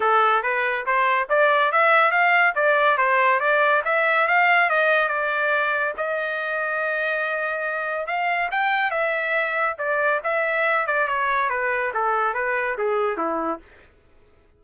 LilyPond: \new Staff \with { instrumentName = "trumpet" } { \time 4/4 \tempo 4 = 141 a'4 b'4 c''4 d''4 | e''4 f''4 d''4 c''4 | d''4 e''4 f''4 dis''4 | d''2 dis''2~ |
dis''2. f''4 | g''4 e''2 d''4 | e''4. d''8 cis''4 b'4 | a'4 b'4 gis'4 e'4 | }